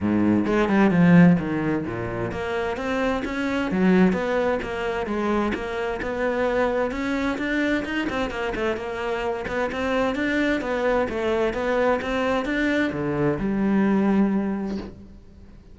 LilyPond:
\new Staff \with { instrumentName = "cello" } { \time 4/4 \tempo 4 = 130 gis,4 gis8 g8 f4 dis4 | ais,4 ais4 c'4 cis'4 | fis4 b4 ais4 gis4 | ais4 b2 cis'4 |
d'4 dis'8 c'8 ais8 a8 ais4~ | ais8 b8 c'4 d'4 b4 | a4 b4 c'4 d'4 | d4 g2. | }